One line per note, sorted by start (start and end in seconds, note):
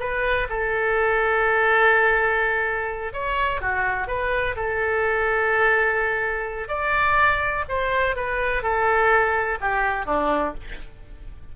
0.00 0.48 B4
0.50 3.13 A4
3.13 3.61 C#5
3.61 4.08 F#4
4.08 4.56 B4
4.56 6.69 A4
6.69 7.65 D5
7.69 8.16 C5
8.16 8.62 B4
8.62 9.58 A4
9.61 10.06 G4
10.06 10.54 D4